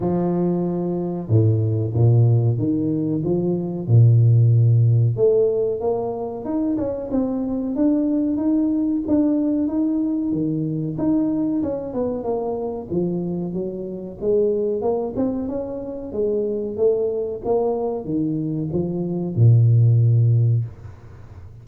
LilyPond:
\new Staff \with { instrumentName = "tuba" } { \time 4/4 \tempo 4 = 93 f2 a,4 ais,4 | dis4 f4 ais,2 | a4 ais4 dis'8 cis'8 c'4 | d'4 dis'4 d'4 dis'4 |
dis4 dis'4 cis'8 b8 ais4 | f4 fis4 gis4 ais8 c'8 | cis'4 gis4 a4 ais4 | dis4 f4 ais,2 | }